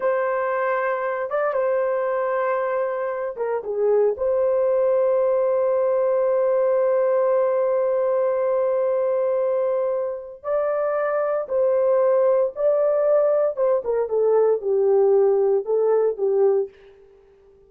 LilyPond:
\new Staff \with { instrumentName = "horn" } { \time 4/4 \tempo 4 = 115 c''2~ c''8 d''8 c''4~ | c''2~ c''8 ais'8 gis'4 | c''1~ | c''1~ |
c''1 | d''2 c''2 | d''2 c''8 ais'8 a'4 | g'2 a'4 g'4 | }